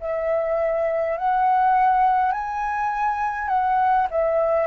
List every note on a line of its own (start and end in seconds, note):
0.00 1.18 E5
1.18 2.32 F#5
2.32 3.48 G#5
3.48 4.07 F#5
4.11 4.67 E5